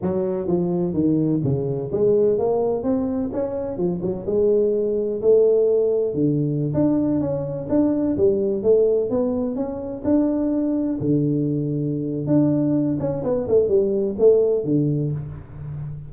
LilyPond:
\new Staff \with { instrumentName = "tuba" } { \time 4/4 \tempo 4 = 127 fis4 f4 dis4 cis4 | gis4 ais4 c'4 cis'4 | f8 fis8 gis2 a4~ | a4 d4~ d16 d'4 cis'8.~ |
cis'16 d'4 g4 a4 b8.~ | b16 cis'4 d'2 d8.~ | d2 d'4. cis'8 | b8 a8 g4 a4 d4 | }